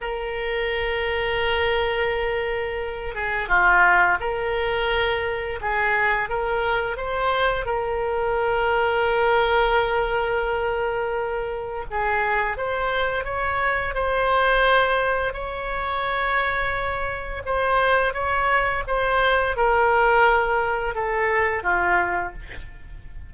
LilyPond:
\new Staff \with { instrumentName = "oboe" } { \time 4/4 \tempo 4 = 86 ais'1~ | ais'8 gis'8 f'4 ais'2 | gis'4 ais'4 c''4 ais'4~ | ais'1~ |
ais'4 gis'4 c''4 cis''4 | c''2 cis''2~ | cis''4 c''4 cis''4 c''4 | ais'2 a'4 f'4 | }